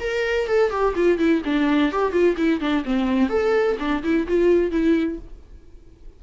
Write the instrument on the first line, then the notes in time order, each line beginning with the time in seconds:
viola
0.00 A#4
0.47 A4
0.70 G4
0.95 F4
1.18 E4
1.45 D4
1.92 G4
2.12 F4
2.37 E4
2.60 D4
2.85 C4
3.29 A4
3.79 D4
4.03 E4
4.28 F4
4.71 E4